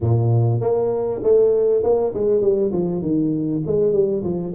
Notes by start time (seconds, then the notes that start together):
0.00 A#2
0.60 A#3
1.23 A3
1.83 A#3
2.13 G#3
2.41 G3
2.72 F3
3.01 D#3
3.66 G#3
3.92 G3
4.23 F3